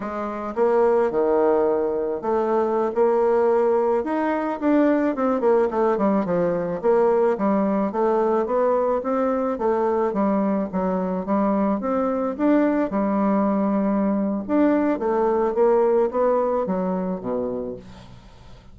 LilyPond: \new Staff \with { instrumentName = "bassoon" } { \time 4/4 \tempo 4 = 108 gis4 ais4 dis2 | a4~ a16 ais2 dis'8.~ | dis'16 d'4 c'8 ais8 a8 g8 f8.~ | f16 ais4 g4 a4 b8.~ |
b16 c'4 a4 g4 fis8.~ | fis16 g4 c'4 d'4 g8.~ | g2 d'4 a4 | ais4 b4 fis4 b,4 | }